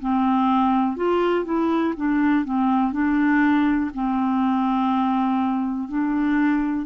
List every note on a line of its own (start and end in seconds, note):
0.00 0.97 C4
0.97 1.44 F4
1.44 1.94 E4
1.96 2.45 D4
2.45 2.92 C4
2.92 3.91 D4
3.94 5.88 C4
5.88 6.86 D4